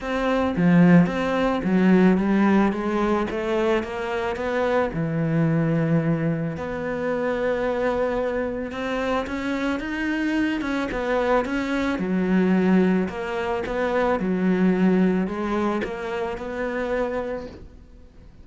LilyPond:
\new Staff \with { instrumentName = "cello" } { \time 4/4 \tempo 4 = 110 c'4 f4 c'4 fis4 | g4 gis4 a4 ais4 | b4 e2. | b1 |
c'4 cis'4 dis'4. cis'8 | b4 cis'4 fis2 | ais4 b4 fis2 | gis4 ais4 b2 | }